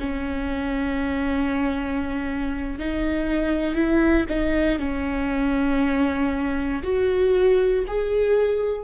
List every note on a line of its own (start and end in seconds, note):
0.00 2.79 C#4
2.79 3.75 D#4
3.75 4.26 E4
4.29 4.79 D#4
4.79 6.83 C#4
6.84 7.85 F#4
7.88 8.85 G#4